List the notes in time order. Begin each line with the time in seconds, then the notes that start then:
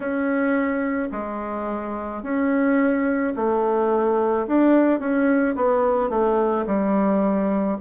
0.00 C#4
1.11 G#3
2.22 C#4
3.35 A3
4.47 D4
4.99 C#4
5.56 B3
6.09 A3
6.66 G3